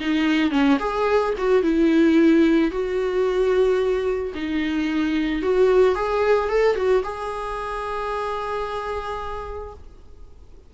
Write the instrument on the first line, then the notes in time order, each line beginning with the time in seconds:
viola
0.00 D#4
0.51 C#4
0.79 G#4
1.38 F#4
1.63 E4
2.71 F#4
4.34 D#4
5.42 F#4
5.95 G#4
6.49 A4
6.76 F#4
7.03 G#4